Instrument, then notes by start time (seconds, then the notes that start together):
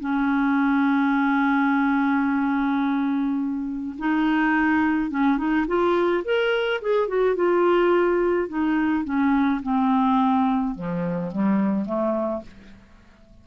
clarinet
0.00 C#4
3.98 D#4
5.11 C#4
5.38 D#4
5.67 F4
6.24 A#4
6.82 G#4
7.08 F#4
7.36 F4
8.49 D#4
9.05 C#4
9.62 C4
10.75 F3
11.32 G3
11.86 A3